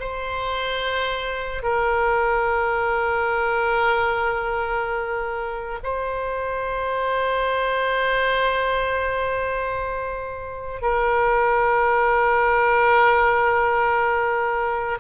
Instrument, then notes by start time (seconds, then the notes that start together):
oboe
0.00 C5
1.63 A#4
5.83 C5
10.82 A#4